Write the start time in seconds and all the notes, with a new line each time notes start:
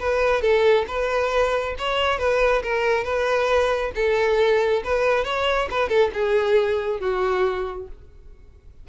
0.00 B4
0.42 A4
0.88 B4
1.79 C#5
2.19 B4
2.63 A#4
3.05 B4
3.96 A4
4.84 B4
5.25 C#5
5.71 B4
5.89 A4
6.14 G#4
7.01 F#4